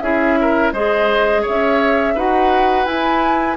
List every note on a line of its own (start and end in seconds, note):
0.00 0.72 C#4
0.00 0.74 E4
0.00 0.39 G#4
0.00 0.71 E5
0.41 0.73 A#4
0.72 1.44 G#3
0.72 2.16 G#4
0.72 1.42 C5
0.72 1.44 D#5
1.42 2.13 C#5
1.42 2.18 E5
1.48 2.15 C#4
2.15 2.86 D#4
2.15 2.86 F#4
2.15 3.57 B4
2.15 2.85 F#5
2.85 3.57 E4
2.85 3.57 G#5